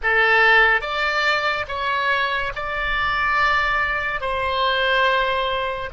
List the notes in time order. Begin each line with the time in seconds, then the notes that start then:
0.02 A4
0.81 D5
1.67 C#5
2.55 D5
4.20 C5